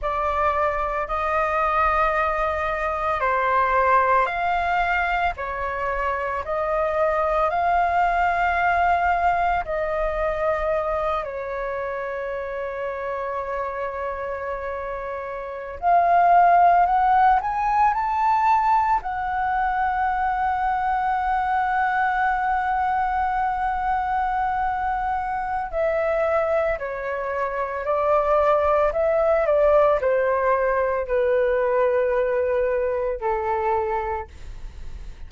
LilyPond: \new Staff \with { instrumentName = "flute" } { \time 4/4 \tempo 4 = 56 d''4 dis''2 c''4 | f''4 cis''4 dis''4 f''4~ | f''4 dis''4. cis''4.~ | cis''2~ cis''8. f''4 fis''16~ |
fis''16 gis''8 a''4 fis''2~ fis''16~ | fis''1 | e''4 cis''4 d''4 e''8 d''8 | c''4 b'2 a'4 | }